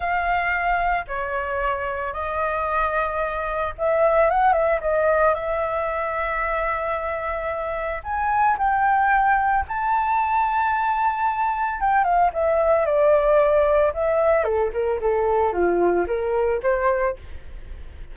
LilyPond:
\new Staff \with { instrumentName = "flute" } { \time 4/4 \tempo 4 = 112 f''2 cis''2 | dis''2. e''4 | fis''8 e''8 dis''4 e''2~ | e''2. gis''4 |
g''2 a''2~ | a''2 g''8 f''8 e''4 | d''2 e''4 a'8 ais'8 | a'4 f'4 ais'4 c''4 | }